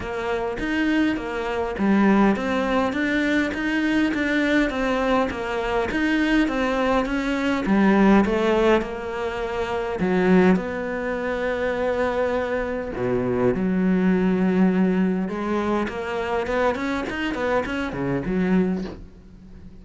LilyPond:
\new Staff \with { instrumentName = "cello" } { \time 4/4 \tempo 4 = 102 ais4 dis'4 ais4 g4 | c'4 d'4 dis'4 d'4 | c'4 ais4 dis'4 c'4 | cis'4 g4 a4 ais4~ |
ais4 fis4 b2~ | b2 b,4 fis4~ | fis2 gis4 ais4 | b8 cis'8 dis'8 b8 cis'8 cis8 fis4 | }